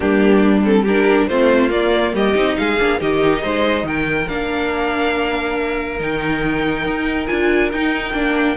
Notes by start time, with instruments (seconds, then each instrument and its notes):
0.00 cello G3, viola A#3, violin D4 G4
0.64 viola C4, violin A4
0.82 viola D4, violin G4 A#4
1.27 cello A3, viola C4, violin F4 C5
1.69 viola A#3, cello A#3, violin D5
2.14 cello G3, violin G4 D#5
2.34 cello C4, viola D#4
2.57 cello G#3, violin G#4 F5
2.78 cello A#3, viola D4
2.99 cello D#3, viola D#4, violin G4 D#5
3.42 cello G#3, violin C5
3.83 cello D#3, violin A#4 G5
4.28 cello A#3, viola D4, violin F5
5.98 cello D#3, viola D#4, violin G5
6.85 cello D#4
7.27 cello D4, viola F4, violin G#5
7.72 cello D#4, viola D#4, violin G5
8.13 cello A#3, viola D4